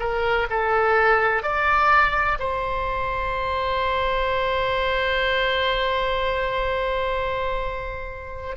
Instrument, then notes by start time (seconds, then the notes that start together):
oboe
0.00 A#4
0.50 A4
1.43 D5
2.39 C5